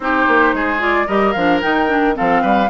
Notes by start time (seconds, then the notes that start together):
0.00 C4 D#4 G4 C5
0.27 A#3
0.53 G#3 G#4
0.79 F4 D5
1.06 G3 G4 A#4 D#5
1.32 F3 D4 F5
1.61 D#3 D#4 G5
1.87 D4
2.14 F3 C4 A4 F5
2.42 G3 B4